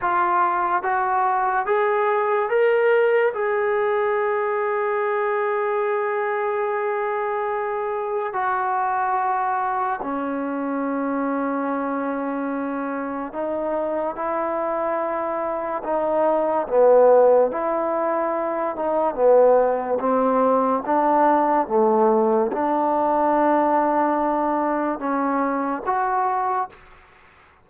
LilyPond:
\new Staff \with { instrumentName = "trombone" } { \time 4/4 \tempo 4 = 72 f'4 fis'4 gis'4 ais'4 | gis'1~ | gis'2 fis'2 | cis'1 |
dis'4 e'2 dis'4 | b4 e'4. dis'8 b4 | c'4 d'4 a4 d'4~ | d'2 cis'4 fis'4 | }